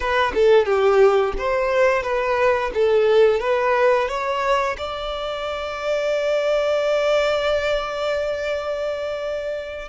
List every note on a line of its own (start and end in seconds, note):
0.00 0.32 B4
0.34 0.65 A4
0.65 1.33 G4
1.38 2.02 C5
2.02 2.71 B4
2.74 3.40 A4
3.40 4.08 B4
4.08 4.76 C#5
4.77 9.88 D5